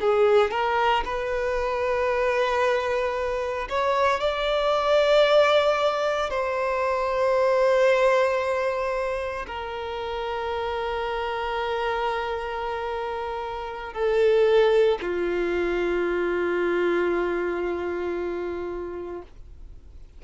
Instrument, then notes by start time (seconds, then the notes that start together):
violin
0.00 G#4
0.51 A#4
1.05 B4
3.69 C#5
4.20 D5
6.30 C5
9.46 A#4
13.93 A4
15.01 F4